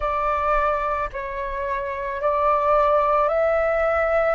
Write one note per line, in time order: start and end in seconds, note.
0.00 1.09 D5
1.13 2.21 C#5
2.21 3.28 D5
3.28 4.35 E5